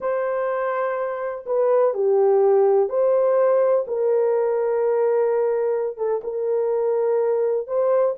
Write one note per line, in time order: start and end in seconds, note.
0.00 1.44 C5
1.46 1.94 B4
1.94 2.89 G4
2.89 3.85 C5
3.87 5.97 A#4
5.97 6.21 A4
6.23 7.67 A#4
7.67 8.15 C5